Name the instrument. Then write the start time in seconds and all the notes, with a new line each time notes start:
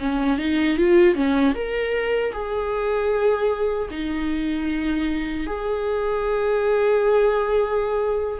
viola
0.00 C#4
0.39 D#4
0.78 F4
1.15 C#4
1.55 A#4
2.33 G#4
3.91 D#4
5.47 G#4